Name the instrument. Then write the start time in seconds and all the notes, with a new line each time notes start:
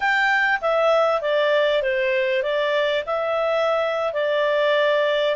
clarinet
0.00 G5
0.61 E5
1.21 D5
1.82 C5
2.42 D5
3.06 E5
4.13 D5